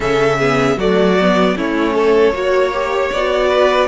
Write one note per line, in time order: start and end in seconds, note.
0.00 0.76 C#3
0.00 0.38 C#4
0.00 0.38 A4
0.00 0.78 E5
0.38 0.79 B3
0.38 0.77 G#4
0.76 1.54 F#3
0.76 1.18 A3
0.76 1.55 F#4
0.76 1.57 D5
1.20 1.56 B3
1.56 2.31 A3
1.56 2.33 C#4
1.56 1.94 E4
1.56 3.12 C#5
1.94 2.33 A4
2.31 3.09 A#3
2.31 2.72 F#4
2.31 3.47 C#5
2.73 3.12 G4
3.12 3.87 B3
3.12 3.87 F#4
3.12 3.87 D5
3.47 3.86 B4